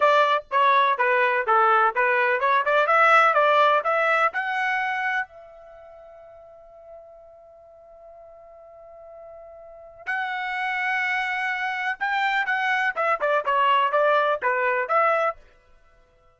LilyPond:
\new Staff \with { instrumentName = "trumpet" } { \time 4/4 \tempo 4 = 125 d''4 cis''4 b'4 a'4 | b'4 cis''8 d''8 e''4 d''4 | e''4 fis''2 e''4~ | e''1~ |
e''1~ | e''4 fis''2.~ | fis''4 g''4 fis''4 e''8 d''8 | cis''4 d''4 b'4 e''4 | }